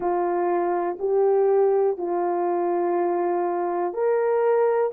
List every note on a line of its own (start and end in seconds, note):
0.00 0.97 F4
0.99 1.97 G4
1.97 3.93 F4
3.93 4.91 A#4